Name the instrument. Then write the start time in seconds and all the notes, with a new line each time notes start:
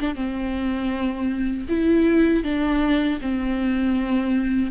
viola
0.00 D4
0.15 C4
1.69 E4
2.44 D4
3.22 C4